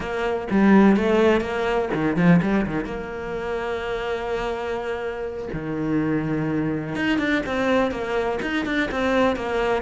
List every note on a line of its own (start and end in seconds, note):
0.00 0.47 A#3
0.50 0.96 G3
0.96 1.41 A3
1.41 1.89 A#3
1.93 2.16 D#3
2.16 2.40 F3
2.41 2.65 G3
2.66 2.84 D#3
2.84 5.48 A#3
5.53 6.95 D#3
6.95 7.18 D#4
7.18 7.42 D4
7.45 7.91 C4
7.91 8.39 A#3
8.42 8.65 D#4
8.65 8.89 D4
8.91 9.35 C4
9.35 9.82 A#3